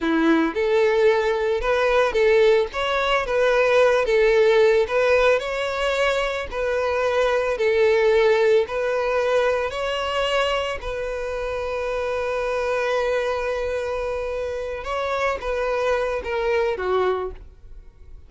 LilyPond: \new Staff \with { instrumentName = "violin" } { \time 4/4 \tempo 4 = 111 e'4 a'2 b'4 | a'4 cis''4 b'4. a'8~ | a'4 b'4 cis''2 | b'2 a'2 |
b'2 cis''2 | b'1~ | b'2.~ b'8 cis''8~ | cis''8 b'4. ais'4 fis'4 | }